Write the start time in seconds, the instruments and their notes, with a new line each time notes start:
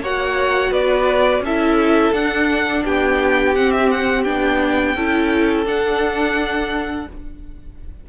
0.00 cello A#3, viola F#4, violin C#5 F#5
0.71 cello B3, violin B4 D5
1.40 cello C#4, violin A4 E5
1.46 viola E4
2.13 cello D4, viola D4, violin F#5
2.83 cello B3, violin G4 G5
3.55 viola C4, cello C4, violin F#5
3.71 violin E5
3.91 violin F#5
4.23 cello B3, viola D4, violin G5
4.95 cello C#4, viola E4, violin A4
5.65 cello D4, viola D4, violin F#5